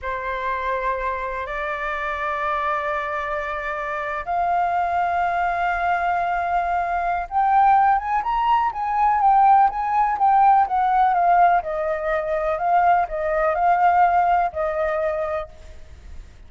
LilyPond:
\new Staff \with { instrumentName = "flute" } { \time 4/4 \tempo 4 = 124 c''2. d''4~ | d''1~ | d''8. f''2.~ f''16~ | f''2. g''4~ |
g''8 gis''8 ais''4 gis''4 g''4 | gis''4 g''4 fis''4 f''4 | dis''2 f''4 dis''4 | f''2 dis''2 | }